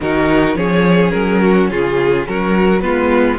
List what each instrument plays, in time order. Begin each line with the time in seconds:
0.00 cello D#3, viola D#4, violin F#4 A#4
0.55 cello F3, viola C#4, violin G#4 C#5
1.10 cello F#3, violin A#4
1.42 violin F#4
1.70 cello C#3, violin F4 G#4
2.27 cello F#3, violin F#4 A#4
2.81 cello G#3, viola B3, violin F4 B4